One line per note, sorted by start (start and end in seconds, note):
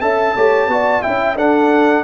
0.00 0.35 C#4
0.00 0.35 A4
0.00 0.35 E5
0.00 1.02 A5
0.35 0.67 A3
0.35 0.70 G4
0.35 0.69 C#5
0.67 1.01 B3
0.67 1.02 F#4
0.67 1.03 D5
1.02 1.36 C#4
1.02 1.36 E4
1.02 1.36 E5
1.02 1.36 G5
1.36 2.03 D4
1.36 2.03 A4
1.36 2.03 F#5